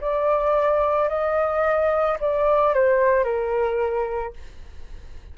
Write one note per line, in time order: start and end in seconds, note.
0.00 1.08 D5
1.08 2.17 D#5
2.20 2.74 D5
2.74 3.23 C5
3.23 4.32 A#4